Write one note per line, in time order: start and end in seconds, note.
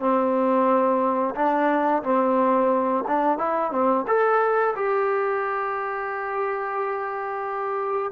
0.00 1.35 C4
1.35 2.03 D4
2.03 3.05 C4
3.08 3.38 D4
3.38 3.72 E4
3.72 4.06 C4
4.08 4.75 A4
4.76 8.12 G4